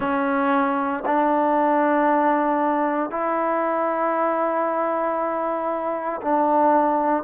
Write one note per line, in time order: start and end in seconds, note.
0.00 1.03 C#4
1.05 3.10 D4
3.10 6.21 E4
6.21 7.23 D4